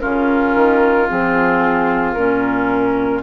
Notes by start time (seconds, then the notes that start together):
0.00 C#3 C#4 F4 A#4
0.54 D#3
1.08 F3 C4 G#4
2.13 A#2 C#4 A#4